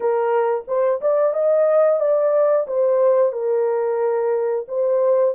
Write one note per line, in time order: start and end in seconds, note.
0.00 0.64 A#4
0.67 1.01 C5
1.01 1.33 D5
1.33 1.99 D#5
1.99 2.66 D5
2.67 3.32 C5
3.32 4.65 A#4
4.68 5.34 C5